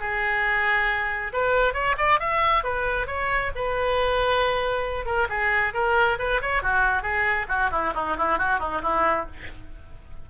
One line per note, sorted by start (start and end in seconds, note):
0.00 1.32 G#4
1.33 1.73 B4
1.73 1.96 C#5
1.98 2.20 D5
2.20 2.64 E5
2.64 3.07 B4
3.07 3.51 C#5
3.55 5.06 B4
5.06 5.28 A#4
5.29 5.73 G#4
5.74 6.18 A#4
6.19 6.41 B4
6.42 6.62 C#5
6.62 7.02 F#4
7.02 7.47 G#4
7.49 7.71 F#4
7.71 7.93 E4
7.95 8.17 D#4
8.17 8.39 E4
8.39 8.60 F#4
8.60 8.82 D#4
8.82 9.26 E4